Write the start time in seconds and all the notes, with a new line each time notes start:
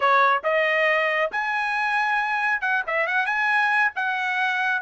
0.00 C#5
0.43 D#5
1.31 G#5
2.61 F#5
2.86 E5
3.06 F#5
3.25 G#5
3.95 F#5